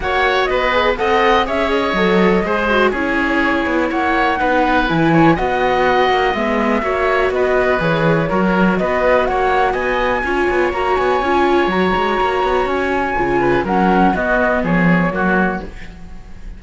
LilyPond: <<
  \new Staff \with { instrumentName = "flute" } { \time 4/4 \tempo 4 = 123 fis''4 dis''4 fis''4 e''8 dis''8~ | dis''2 cis''2 | fis''2 gis''4 fis''4~ | fis''4 e''2 dis''4 |
cis''2 dis''4 fis''4 | gis''2 ais''8 gis''4. | ais''2 gis''2 | fis''4 dis''4 cis''2 | }
  \new Staff \with { instrumentName = "oboe" } { \time 4/4 cis''4 b'4 dis''4 cis''4~ | cis''4 c''4 gis'2 | cis''4 b'4. cis''8 dis''4~ | dis''2 cis''4 b'4~ |
b'4 ais'4 b'4 cis''4 | dis''4 cis''2.~ | cis''2.~ cis''8 b'8 | ais'4 fis'4 gis'4 fis'4 | }
  \new Staff \with { instrumentName = "viola" } { \time 4/4 fis'4. gis'8 a'4 gis'4 | a'4 gis'8 fis'8 e'2~ | e'4 dis'4 e'4 fis'4~ | fis'4 b4 fis'2 |
gis'4 fis'2.~ | fis'4 f'4 fis'4 f'4 | fis'2. f'4 | cis'4 b2 ais4 | }
  \new Staff \with { instrumentName = "cello" } { \time 4/4 ais4 b4 c'4 cis'4 | fis4 gis4 cis'4. b8 | ais4 b4 e4 b4~ | b8 ais8 gis4 ais4 b4 |
e4 fis4 b4 ais4 | b4 cis'8 b8 ais8 b8 cis'4 | fis8 gis8 ais8 b8 cis'4 cis4 | fis4 b4 f4 fis4 | }
>>